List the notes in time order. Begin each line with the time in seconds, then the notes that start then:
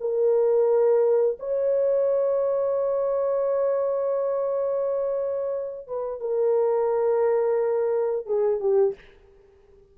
0.00 A#4
1.39 C#5
5.87 B4
6.20 A#4
8.26 G#4
8.60 G4